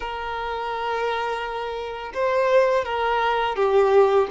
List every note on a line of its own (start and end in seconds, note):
0.00 2.12 A#4
2.14 2.84 C5
2.84 3.56 A#4
3.56 4.27 G4